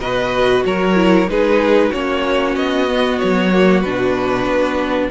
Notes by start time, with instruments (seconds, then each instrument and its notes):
0.00 cello B2, viola F#4, violin B4 D#5
0.66 cello F#3, violin A#4 C#5
0.95 viola E4
1.28 cello G#3, viola D#4, violin G#4 B4
1.90 cello A#3, viola C#4, violin F#4 C#5
2.55 cello B3, violin D#5
2.88 viola B3
3.19 cello F#3, violin C#5
3.52 viola A#3
3.81 cello B2, viola D4, violin B4
4.46 cello B3